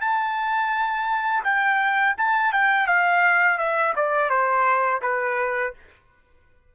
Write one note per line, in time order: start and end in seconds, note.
0.00 1.43 A5
1.44 2.15 G5
2.17 2.52 A5
2.52 2.87 G5
2.87 3.58 F5
3.58 3.94 E5
3.95 4.29 D5
4.29 5.01 C5
5.01 5.73 B4